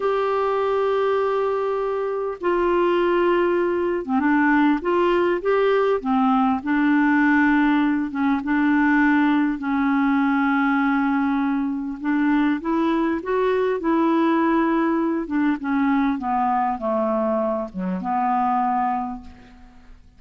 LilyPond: \new Staff \with { instrumentName = "clarinet" } { \time 4/4 \tempo 4 = 100 g'1 | f'2~ f'8. c'16 d'4 | f'4 g'4 c'4 d'4~ | d'4. cis'8 d'2 |
cis'1 | d'4 e'4 fis'4 e'4~ | e'4. d'8 cis'4 b4 | a4. fis8 b2 | }